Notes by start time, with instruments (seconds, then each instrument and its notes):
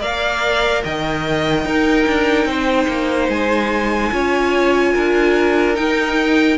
0.00 cello A#3, viola A#4, violin D5 F5
0.84 cello D#3, violin D#5 G5
1.65 cello D#4, viola D#4, violin A#4
2.07 cello D4
2.45 cello C4, violin C5
2.87 cello A#3
3.28 cello G#3, violin G#5
4.11 cello C#4, viola F4, violin C#5
4.93 cello D4, violin A#4
5.75 viola D#4, cello D#4, violin G5